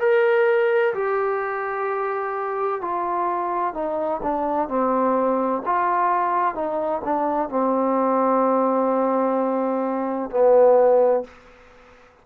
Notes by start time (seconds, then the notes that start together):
0.00 A#4
0.94 G4
2.81 F4
3.74 D#4
4.23 D4
4.69 C4
5.65 F4
6.55 D#4
7.05 D4
7.50 C4
10.30 B3